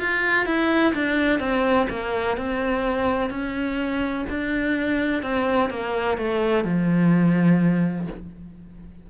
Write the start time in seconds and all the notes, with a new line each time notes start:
0.00 F4
0.46 E4
0.94 D4
1.40 C4
1.90 A#3
2.38 C4
3.30 C#4
4.30 D4
5.23 C4
5.70 A#3
6.18 A3
6.65 F3